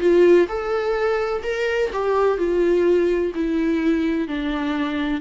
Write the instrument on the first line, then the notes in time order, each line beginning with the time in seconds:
viola
0.00 F4
0.48 A4
1.43 A#4
1.92 G4
2.38 F4
3.35 E4
4.28 D4